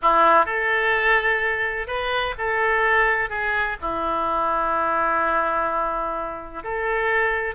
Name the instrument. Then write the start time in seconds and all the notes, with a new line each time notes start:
oboe
0.02 E4
0.45 A4
1.87 B4
2.38 A4
3.29 G#4
3.81 E4
6.63 A4